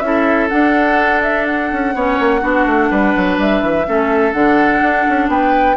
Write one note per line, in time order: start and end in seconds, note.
0.00 0.49 C#4
0.00 0.50 E4
0.00 0.48 E5
0.07 1.96 A4
0.49 1.94 D4
0.49 1.72 D4
0.49 1.21 F#5
1.23 1.46 E5
1.46 3.38 F#5
1.72 1.95 C#4
1.95 2.19 B3
1.95 2.41 C#4
1.95 2.41 C#5
2.20 2.43 A#3
2.41 2.67 B3
2.41 3.85 D4
2.41 2.89 F#4
2.67 2.91 A3
2.91 3.15 G3
2.91 3.87 B4
3.16 3.39 F#3
3.39 3.62 G3
3.39 4.33 E5
3.62 3.86 E3
3.87 4.34 A3
3.87 4.33 C#4
3.87 5.31 A4
4.33 4.82 D3
4.33 5.77 D4
4.33 5.29 F#5
4.82 5.06 D4
5.09 5.29 C#4
5.29 5.77 B3
5.29 5.77 B4
5.29 5.77 G5